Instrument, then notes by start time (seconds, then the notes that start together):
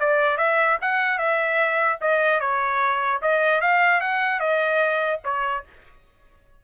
trumpet
0.00 D5
0.38 E5
0.82 F#5
1.18 E5
2.01 D#5
2.41 C#5
3.22 D#5
3.61 F5
4.01 F#5
4.40 D#5
5.24 C#5